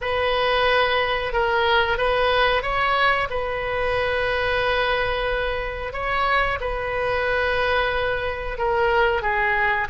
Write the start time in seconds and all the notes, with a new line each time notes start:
0.01 B4
1.32 A#4
1.97 B4
2.62 C#5
3.30 B4
5.92 C#5
6.60 B4
8.57 A#4
9.21 G#4